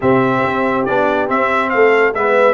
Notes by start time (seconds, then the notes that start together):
0.00 C3 C4 G4 E5
0.45 C4
0.85 B3 D4 D5
1.27 C4 E5
1.69 A3 A4 F5
2.14 G#3 B3 B4 E5